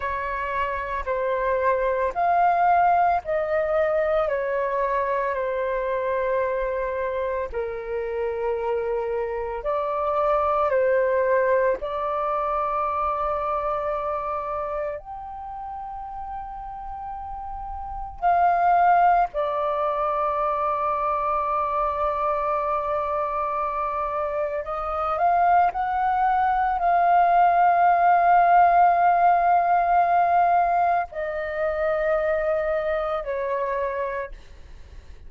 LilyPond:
\new Staff \with { instrumentName = "flute" } { \time 4/4 \tempo 4 = 56 cis''4 c''4 f''4 dis''4 | cis''4 c''2 ais'4~ | ais'4 d''4 c''4 d''4~ | d''2 g''2~ |
g''4 f''4 d''2~ | d''2. dis''8 f''8 | fis''4 f''2.~ | f''4 dis''2 cis''4 | }